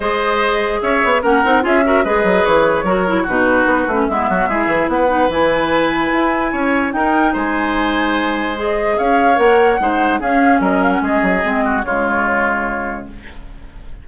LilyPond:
<<
  \new Staff \with { instrumentName = "flute" } { \time 4/4 \tempo 4 = 147 dis''2 e''4 fis''4 | e''4 dis''4 cis''2 | b'2 e''2 | fis''4 gis''2.~ |
gis''4 g''4 gis''2~ | gis''4 dis''4 f''4 fis''4~ | fis''4 f''4 dis''8 f''16 fis''16 dis''4~ | dis''4 cis''2. | }
  \new Staff \with { instrumentName = "oboe" } { \time 4/4 c''2 cis''4 ais'4 | gis'8 ais'8 b'2 ais'4 | fis'2 e'8 fis'8 gis'4 | b'1 |
cis''4 ais'4 c''2~ | c''2 cis''2 | c''4 gis'4 ais'4 gis'4~ | gis'8 fis'8 f'2. | }
  \new Staff \with { instrumentName = "clarinet" } { \time 4/4 gis'2. cis'8 dis'8 | f'8 fis'8 gis'2 fis'8 e'8 | dis'4. cis'8 b4 e'4~ | e'8 dis'8 e'2.~ |
e'4 dis'2.~ | dis'4 gis'2 ais'4 | dis'4 cis'2. | c'4 gis2. | }
  \new Staff \with { instrumentName = "bassoon" } { \time 4/4 gis2 cis'8 b8 ais8 c'8 | cis'4 gis8 fis8 e4 fis4 | b,4 b8 a8 gis8 fis8 gis8 e8 | b4 e2 e'4 |
cis'4 dis'4 gis2~ | gis2 cis'4 ais4 | gis4 cis'4 fis4 gis8 fis8 | gis4 cis2. | }
>>